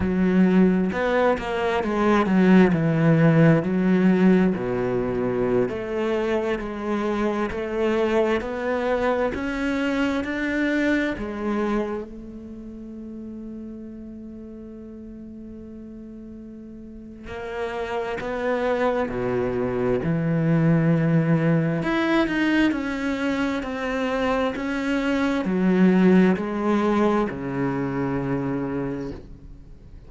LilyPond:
\new Staff \with { instrumentName = "cello" } { \time 4/4 \tempo 4 = 66 fis4 b8 ais8 gis8 fis8 e4 | fis4 b,4~ b,16 a4 gis8.~ | gis16 a4 b4 cis'4 d'8.~ | d'16 gis4 a2~ a8.~ |
a2. ais4 | b4 b,4 e2 | e'8 dis'8 cis'4 c'4 cis'4 | fis4 gis4 cis2 | }